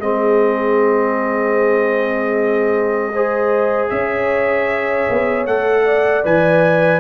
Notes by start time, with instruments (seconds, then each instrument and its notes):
0.00 tuba G#3, trombone C4, horn G#4, trumpet D#5
3.13 trombone G#4, horn C5
3.90 tuba C#4, horn C#5, trumpet E5
5.09 tuba B3
5.46 tuba A3, trombone A4, trumpet F#5
5.85 horn D5
6.24 tuba E3, trombone B4, trumpet G#5